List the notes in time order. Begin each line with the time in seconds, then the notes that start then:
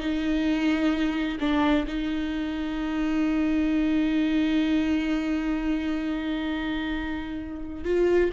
0.00 D#4
1.41 D4
1.88 D#4
7.85 F4